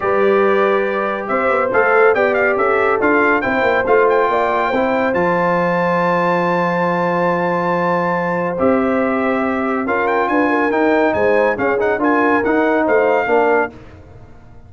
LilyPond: <<
  \new Staff \with { instrumentName = "trumpet" } { \time 4/4 \tempo 4 = 140 d''2. e''4 | f''4 g''8 f''8 e''4 f''4 | g''4 f''8 g''2~ g''8 | a''1~ |
a''1 | e''2. f''8 g''8 | gis''4 g''4 gis''4 f''8 fis''8 | gis''4 fis''4 f''2 | }
  \new Staff \with { instrumentName = "horn" } { \time 4/4 b'2. c''4~ | c''4 d''4 a'2 | c''2 d''4 c''4~ | c''1~ |
c''1~ | c''2. ais'4 | b'8 ais'4. c''4 gis'4 | ais'2 c''4 ais'4 | }
  \new Staff \with { instrumentName = "trombone" } { \time 4/4 g'1 | a'4 g'2 f'4 | e'4 f'2 e'4 | f'1~ |
f'1 | g'2. f'4~ | f'4 dis'2 cis'8 dis'8 | f'4 dis'2 d'4 | }
  \new Staff \with { instrumentName = "tuba" } { \time 4/4 g2. c'8 b8 | a4 b4 cis'4 d'4 | c'8 ais8 a4 ais4 c'4 | f1~ |
f1 | c'2. cis'4 | d'4 dis'4 gis4 cis'4 | d'4 dis'4 a4 ais4 | }
>>